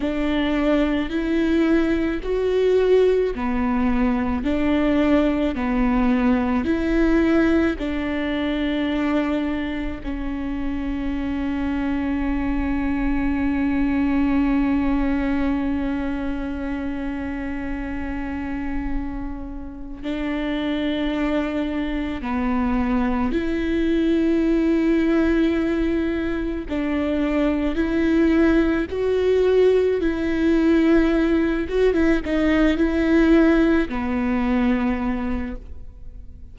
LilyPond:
\new Staff \with { instrumentName = "viola" } { \time 4/4 \tempo 4 = 54 d'4 e'4 fis'4 b4 | d'4 b4 e'4 d'4~ | d'4 cis'2.~ | cis'1~ |
cis'2 d'2 | b4 e'2. | d'4 e'4 fis'4 e'4~ | e'8 fis'16 e'16 dis'8 e'4 b4. | }